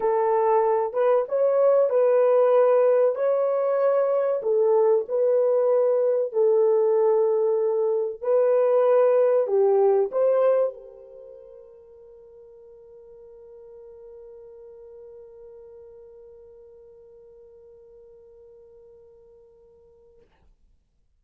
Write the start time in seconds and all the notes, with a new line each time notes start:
0.00 A4
0.93 B4
1.28 C#5
1.89 B4
3.15 C#5
4.42 A4
5.08 B4
6.32 A4
8.21 B4
9.47 G4
10.11 C5
10.73 A#4